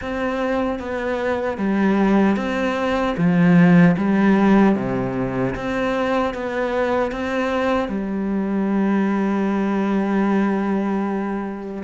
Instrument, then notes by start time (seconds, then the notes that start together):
cello
0.01 C4
0.79 B3
1.57 G3
2.36 C4
3.17 F3
3.96 G3
4.75 C3
5.55 C4
6.34 B3
7.11 C4
7.88 G3